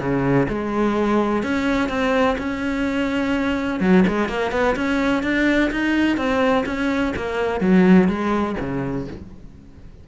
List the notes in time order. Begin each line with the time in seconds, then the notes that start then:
0.00 C#3
0.49 G#3
1.43 C#4
1.89 C4
2.38 C#4
3.81 F#3
4.08 G#3
4.29 A#3
4.52 B3
4.76 C#4
5.23 D4
5.71 D#4
6.17 C4
6.66 C#4
7.16 A#3
7.61 F#3
8.08 G#3
8.60 C#3